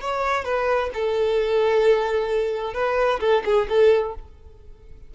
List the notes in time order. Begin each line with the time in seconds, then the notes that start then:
0.00 C#5
0.44 B4
0.93 A4
2.74 B4
3.20 A4
3.45 G#4
3.68 A4